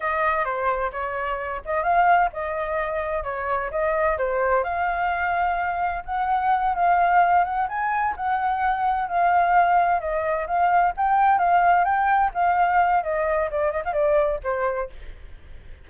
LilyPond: \new Staff \with { instrumentName = "flute" } { \time 4/4 \tempo 4 = 129 dis''4 c''4 cis''4. dis''8 | f''4 dis''2 cis''4 | dis''4 c''4 f''2~ | f''4 fis''4. f''4. |
fis''8 gis''4 fis''2 f''8~ | f''4. dis''4 f''4 g''8~ | g''8 f''4 g''4 f''4. | dis''4 d''8 dis''16 f''16 d''4 c''4 | }